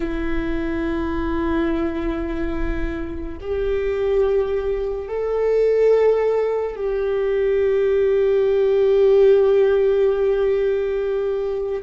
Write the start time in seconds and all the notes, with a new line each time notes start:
0.00 E4
3.40 G4
5.08 A4
6.76 G4